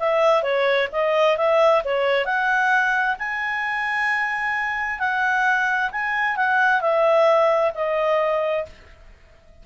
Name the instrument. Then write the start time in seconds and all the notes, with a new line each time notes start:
clarinet
0.00 E5
0.43 C#5
0.92 D#5
1.38 E5
1.85 C#5
2.26 F#5
3.19 G#5
5.00 F#5
5.92 G#5
6.37 F#5
6.81 E5
7.75 D#5